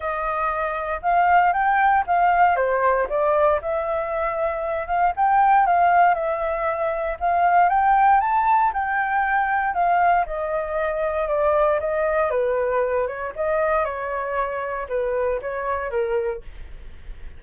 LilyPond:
\new Staff \with { instrumentName = "flute" } { \time 4/4 \tempo 4 = 117 dis''2 f''4 g''4 | f''4 c''4 d''4 e''4~ | e''4. f''8 g''4 f''4 | e''2 f''4 g''4 |
a''4 g''2 f''4 | dis''2 d''4 dis''4 | b'4. cis''8 dis''4 cis''4~ | cis''4 b'4 cis''4 ais'4 | }